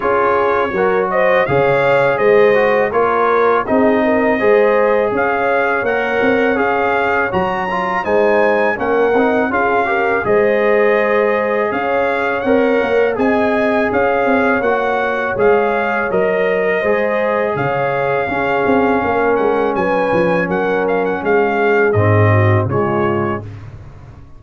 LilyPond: <<
  \new Staff \with { instrumentName = "trumpet" } { \time 4/4 \tempo 4 = 82 cis''4. dis''8 f''4 dis''4 | cis''4 dis''2 f''4 | fis''4 f''4 ais''4 gis''4 | fis''4 f''4 dis''2 |
f''4 fis''4 gis''4 f''4 | fis''4 f''4 dis''2 | f''2~ f''8 fis''8 gis''4 | fis''8 f''16 fis''16 f''4 dis''4 cis''4 | }
  \new Staff \with { instrumentName = "horn" } { \time 4/4 gis'4 ais'8 c''8 cis''4 c''4 | ais'4 gis'8 ais'8 c''4 cis''4~ | cis''2. c''4 | ais'4 gis'8 ais'8 c''2 |
cis''2 dis''4 cis''4~ | cis''2. c''4 | cis''4 gis'4 ais'4 b'4 | ais'4 gis'4. fis'8 f'4 | }
  \new Staff \with { instrumentName = "trombone" } { \time 4/4 f'4 fis'4 gis'4. fis'8 | f'4 dis'4 gis'2 | ais'4 gis'4 fis'8 f'8 dis'4 | cis'8 dis'8 f'8 g'8 gis'2~ |
gis'4 ais'4 gis'2 | fis'4 gis'4 ais'4 gis'4~ | gis'4 cis'2.~ | cis'2 c'4 gis4 | }
  \new Staff \with { instrumentName = "tuba" } { \time 4/4 cis'4 fis4 cis4 gis4 | ais4 c'4 gis4 cis'4 | ais8 c'8 cis'4 fis4 gis4 | ais8 c'8 cis'4 gis2 |
cis'4 c'8 ais8 c'4 cis'8 c'8 | ais4 gis4 fis4 gis4 | cis4 cis'8 c'8 ais8 gis8 fis8 f8 | fis4 gis4 gis,4 cis4 | }
>>